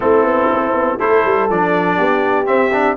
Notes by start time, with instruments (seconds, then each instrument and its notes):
0.00 tuba A3, trombone C4, horn E4, trumpet A4
0.23 tuba B3
0.53 tuba C4
0.73 tuba B3
0.99 tuba A3, trombone E4, horn A4, trumpet C5
1.25 tuba G3
1.49 tuba F3, trombone D4, trumpet D5
1.96 tuba B3, horn G4
2.45 trombone C4, tuba C4, trumpet E5
2.72 trombone D4